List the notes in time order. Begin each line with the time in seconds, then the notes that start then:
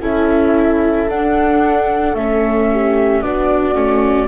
0.00 C#4 E4 A4 E5
1.08 D4 F#5
2.14 A3 C#4 E5
2.71 G4
3.21 B3 D4 F#4 D5
3.74 A3 C#4